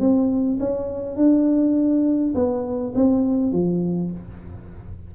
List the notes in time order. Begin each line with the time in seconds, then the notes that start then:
0.00 C4
0.60 C#4
1.17 D4
2.35 B3
2.95 C4
3.52 F3